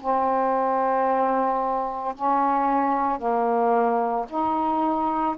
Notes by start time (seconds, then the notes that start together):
0.00 C4
2.15 C#4
3.18 A#3
4.29 D#4